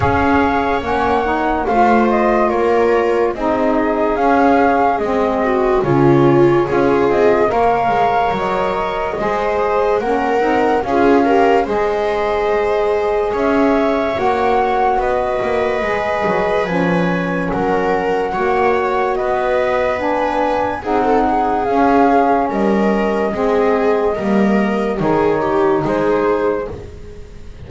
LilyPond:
<<
  \new Staff \with { instrumentName = "flute" } { \time 4/4 \tempo 4 = 72 f''4 fis''4 f''8 dis''8 cis''4 | dis''4 f''4 dis''4 cis''4~ | cis''8 dis''8 f''4 dis''2 | fis''4 f''4 dis''2 |
e''4 fis''4 dis''2 | gis''4 fis''2 dis''4 | gis''4 fis''4 f''4 dis''4~ | dis''2 cis''4 c''4 | }
  \new Staff \with { instrumentName = "viola" } { \time 4/4 cis''2 c''4 ais'4 | gis'2~ gis'8 fis'8 f'4 | gis'4 cis''2 c''4 | ais'4 gis'8 ais'8 c''2 |
cis''2 b'2~ | b'4 ais'4 cis''4 b'4~ | b'4 gis'16 a'16 gis'4. ais'4 | gis'4 ais'4 gis'8 g'8 gis'4 | }
  \new Staff \with { instrumentName = "saxophone" } { \time 4/4 gis'4 cis'8 dis'8 f'2 | dis'4 cis'4 c'4 cis'4 | f'4 ais'2 gis'4 | cis'8 dis'8 f'8 g'8 gis'2~ |
gis'4 fis'2 gis'4 | cis'2 fis'2 | d'4 dis'4 cis'2 | c'4 ais4 dis'2 | }
  \new Staff \with { instrumentName = "double bass" } { \time 4/4 cis'4 ais4 a4 ais4 | c'4 cis'4 gis4 cis4 | cis'8 c'8 ais8 gis8 fis4 gis4 | ais8 c'8 cis'4 gis2 |
cis'4 ais4 b8 ais8 gis8 fis8 | f4 fis4 ais4 b4~ | b4 c'4 cis'4 g4 | gis4 g4 dis4 gis4 | }
>>